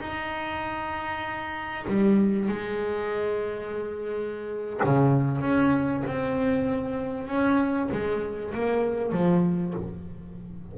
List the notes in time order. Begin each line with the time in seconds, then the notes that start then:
0.00 D#4
1.87 G3
2.49 G#3
4.84 C#3
5.41 C#4
6.06 C4
7.28 C#4
7.91 G#3
8.54 A#3
9.12 F3